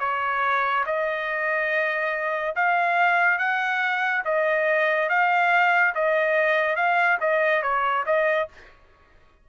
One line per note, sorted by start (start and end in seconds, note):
0.00 0.85 C#5
0.86 2.55 D#5
2.56 3.39 F5
3.39 4.23 F#5
4.25 5.09 D#5
5.10 5.94 F5
5.95 6.76 D#5
6.76 7.18 F5
7.21 7.62 D#5
7.62 8.05 C#5
8.07 8.49 D#5